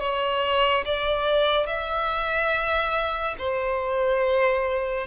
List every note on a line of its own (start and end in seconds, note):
0.00 0.85 C#5
0.85 1.67 D5
1.67 3.36 E5
3.38 5.07 C5